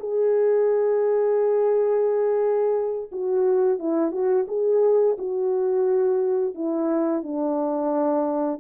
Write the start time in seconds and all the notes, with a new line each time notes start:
0.00 G#4
3.12 F#4
3.79 E4
4.12 F#4
4.48 G#4
5.18 F#4
6.55 E4
7.23 D4